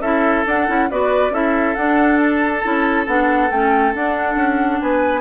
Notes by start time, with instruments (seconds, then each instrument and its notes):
0.00 bassoon C#4, clarinet E4, oboe A4, flute E5
0.46 bassoon D4, clarinet D4, flute F#5
0.68 bassoon C#4, clarinet E4
0.91 bassoon B3, clarinet F#4, oboe B4, flute D5
1.30 bassoon C#4, clarinet E4, oboe A4, flute E5
1.75 bassoon D4, clarinet D4, flute F#5
2.19 flute A5
2.62 bassoon C#4, clarinet E4
3.07 bassoon B3, clarinet D4, flute F#5
3.51 bassoon A3, clarinet C#4, flute G5
3.94 bassoon D4, clarinet D4, flute F#5
4.36 bassoon C#4
4.81 bassoon B3, oboe B4, flute G#5